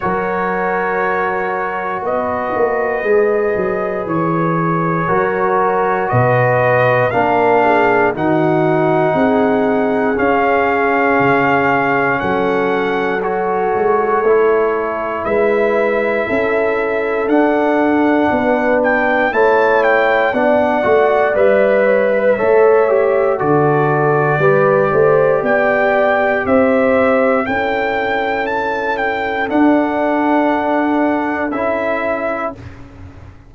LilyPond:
<<
  \new Staff \with { instrumentName = "trumpet" } { \time 4/4 \tempo 4 = 59 cis''2 dis''2 | cis''2 dis''4 f''4 | fis''2 f''2 | fis''4 cis''2 e''4~ |
e''4 fis''4. g''8 a''8 g''8 | fis''4 e''2 d''4~ | d''4 g''4 e''4 g''4 | a''8 g''8 fis''2 e''4 | }
  \new Staff \with { instrumentName = "horn" } { \time 4/4 ais'2 b'2~ | b'4 ais'4 b'4 ais'8 gis'8 | fis'4 gis'2. | a'2. b'4 |
a'2 b'4 cis''4 | d''4. cis''16 b'16 cis''4 a'4 | b'8 c''8 d''4 c''4 a'4~ | a'1 | }
  \new Staff \with { instrumentName = "trombone" } { \time 4/4 fis'2. gis'4~ | gis'4 fis'2 d'4 | dis'2 cis'2~ | cis'4 fis'4 e'2~ |
e'4 d'2 e'4 | d'8 fis'8 b'4 a'8 g'8 fis'4 | g'2. e'4~ | e'4 d'2 e'4 | }
  \new Staff \with { instrumentName = "tuba" } { \time 4/4 fis2 b8 ais8 gis8 fis8 | e4 fis4 b,4 ais4 | dis4 c'4 cis'4 cis4 | fis4. gis8 a4 gis4 |
cis'4 d'4 b4 a4 | b8 a8 g4 a4 d4 | g8 a8 b4 c'4 cis'4~ | cis'4 d'2 cis'4 | }
>>